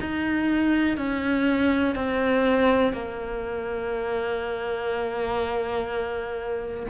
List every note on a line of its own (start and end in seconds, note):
0.00 0.97 D#4
0.97 1.95 C#4
1.95 2.92 C4
2.92 6.86 A#3